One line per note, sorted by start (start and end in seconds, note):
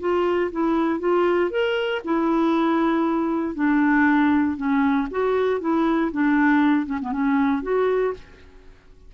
0.00 0.51 F4
0.52 1.00 E4
1.00 1.51 F4
1.51 2.02 A#4
2.05 3.55 E4
3.55 4.57 D4
4.57 5.08 C#4
5.11 5.60 F#4
5.60 6.11 E4
6.12 6.86 D4
6.86 6.99 C#4
7.01 7.12 B3
7.12 7.63 C#4
7.63 8.14 F#4